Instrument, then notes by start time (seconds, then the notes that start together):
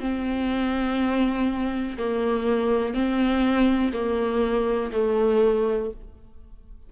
viola
0.00 C4
1.98 A#3
2.94 C4
3.93 A#3
4.92 A3